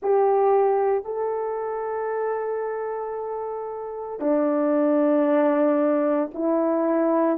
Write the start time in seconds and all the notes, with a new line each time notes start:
0.02 G4
1.04 A4
4.20 D4
6.34 E4